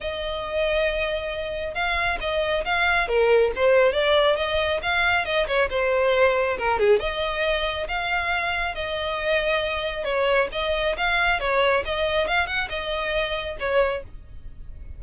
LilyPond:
\new Staff \with { instrumentName = "violin" } { \time 4/4 \tempo 4 = 137 dis''1 | f''4 dis''4 f''4 ais'4 | c''4 d''4 dis''4 f''4 | dis''8 cis''8 c''2 ais'8 gis'8 |
dis''2 f''2 | dis''2. cis''4 | dis''4 f''4 cis''4 dis''4 | f''8 fis''8 dis''2 cis''4 | }